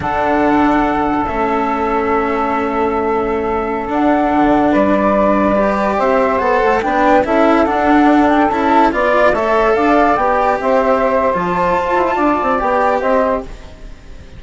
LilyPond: <<
  \new Staff \with { instrumentName = "flute" } { \time 4/4 \tempo 4 = 143 fis''2. e''4~ | e''1~ | e''4~ e''16 fis''2 d''8.~ | d''2~ d''16 e''4 fis''8.~ |
fis''16 g''4 e''4 fis''4. g''16~ | g''16 a''4 d''4 e''4 f''8.~ | f''16 g''4 e''4.~ e''16 a''4~ | a''2 g''4 dis''4 | }
  \new Staff \with { instrumentName = "saxophone" } { \time 4/4 a'1~ | a'1~ | a'2.~ a'16 b'8.~ | b'2~ b'16 c''4.~ c''16~ |
c''16 b'4 a'2~ a'8.~ | a'4~ a'16 d''4 cis''4 d''8.~ | d''4~ d''16 c''2~ c''8.~ | c''4 d''2 c''4 | }
  \new Staff \with { instrumentName = "cello" } { \time 4/4 d'2. cis'4~ | cis'1~ | cis'4~ cis'16 d'2~ d'8.~ | d'4~ d'16 g'2 a'8.~ |
a'16 d'4 e'4 d'4.~ d'16~ | d'16 e'4 f'4 a'4.~ a'16~ | a'16 g'2~ g'8. f'4~ | f'2 g'2 | }
  \new Staff \with { instrumentName = "bassoon" } { \time 4/4 d2. a4~ | a1~ | a4~ a16 d'4 d4 g8.~ | g2~ g16 c'4 b8 a16~ |
a16 b4 cis'4 d'4.~ d'16~ | d'16 cis'4 b4 a4 d'8.~ | d'16 b4 c'4.~ c'16 f4 | f'8 e'8 d'8 c'8 b4 c'4 | }
>>